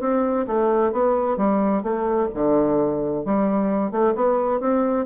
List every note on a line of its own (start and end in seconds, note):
0.00 0.46 C4
0.47 0.92 A3
0.92 1.37 B3
1.37 1.83 G3
1.83 2.29 A3
2.34 3.25 D3
3.25 3.91 G3
3.91 4.14 A3
4.15 4.60 B3
4.60 5.06 C4